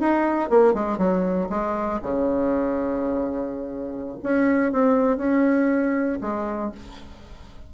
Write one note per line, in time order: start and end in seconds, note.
0.00 0.50 D#4
0.50 0.74 A#3
0.74 0.98 G#3
0.98 1.49 F#3
1.50 2.00 G#3
2.02 4.18 C#3
4.23 4.72 C#4
4.72 5.17 C4
5.17 6.19 C#4
6.21 6.72 G#3